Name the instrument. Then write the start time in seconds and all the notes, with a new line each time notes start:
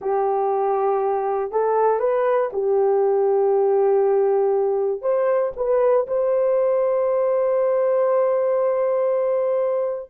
horn
0.01 G4
1.51 A4
1.99 B4
2.53 G4
5.01 C5
5.56 B4
6.07 C5